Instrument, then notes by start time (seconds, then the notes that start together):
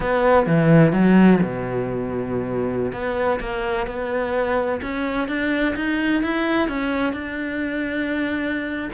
cello
0.00 B3
0.46 E3
0.92 F#3
1.42 B2
2.92 B3
3.40 A#3
3.87 B3
4.82 C#4
5.27 D4
5.75 D#4
6.22 E4
6.68 C#4
7.13 D4